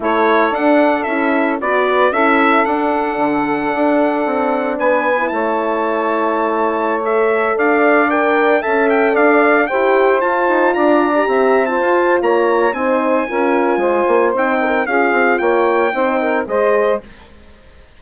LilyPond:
<<
  \new Staff \with { instrumentName = "trumpet" } { \time 4/4 \tempo 4 = 113 cis''4 fis''4 e''4 d''4 | e''4 fis''2.~ | fis''4 gis''4 a''2~ | a''4~ a''16 e''4 f''4 g''8.~ |
g''16 a''8 g''8 f''4 g''4 a''8.~ | a''16 ais''4.~ ais''16 a''4 ais''4 | gis''2. g''4 | f''4 g''2 dis''4 | }
  \new Staff \with { instrumentName = "saxophone" } { \time 4/4 a'2. b'4 | a'1~ | a'4 b'4 cis''2~ | cis''2~ cis''16 d''4.~ d''16~ |
d''16 e''4 d''4 c''4.~ c''16~ | c''16 d''4 e''8. c''4 cis''4 | c''4 ais'4 c''4. ais'8 | gis'4 cis''4 c''8 ais'8 c''4 | }
  \new Staff \with { instrumentName = "horn" } { \time 4/4 e'4 d'4 e'4 fis'4 | e'4 d'2.~ | d'4.~ d'16 e'2~ e'16~ | e'4~ e'16 a'2 ais'8.~ |
ais'16 a'2 g'4 f'8.~ | f'4 g'4 f'2 | dis'4 f'2 dis'4 | f'2 dis'4 gis'4 | }
  \new Staff \with { instrumentName = "bassoon" } { \time 4/4 a4 d'4 cis'4 b4 | cis'4 d'4 d4 d'4 | c'4 b4 a2~ | a2~ a16 d'4.~ d'16~ |
d'16 cis'4 d'4 e'4 f'8 dis'16~ | dis'16 d'4 c'4 f'8. ais4 | c'4 cis'4 gis8 ais8 c'4 | cis'8 c'8 ais4 c'4 gis4 | }
>>